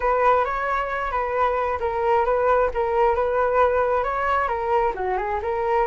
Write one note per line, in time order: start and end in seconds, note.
0.00 0.44 B4
0.44 1.11 C#5
1.11 1.79 B4
1.79 2.25 A#4
2.25 2.70 B4
2.73 3.15 A#4
3.15 4.03 B4
4.03 4.48 C#5
4.48 4.93 A#4
4.94 5.17 F#4
5.17 5.40 G#4
5.42 5.87 A#4